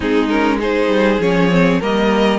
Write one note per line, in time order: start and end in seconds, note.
0.00 0.88 G#3
0.00 0.29 C4
0.00 0.57 D#4
0.00 0.28 G#4
0.28 0.59 C#4
0.28 0.58 A#4
0.59 1.19 D#4
0.59 1.79 G#4
0.59 1.21 C5
0.88 1.18 G3
1.19 1.79 F3
1.19 1.50 C#4
1.19 1.81 C#5
1.50 1.80 C4
1.80 2.39 G3
1.80 2.39 A#3
1.80 2.39 A#4
1.80 2.39 D#5